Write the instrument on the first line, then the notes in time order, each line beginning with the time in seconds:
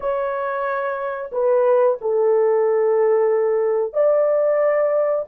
horn
0.00 C#5
1.32 B4
2.01 A4
3.93 D5